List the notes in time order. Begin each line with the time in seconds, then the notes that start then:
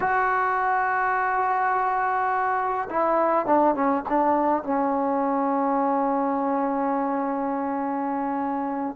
0.00 F#4
2.90 E4
3.46 D4
3.74 C#4
4.08 D4
4.63 C#4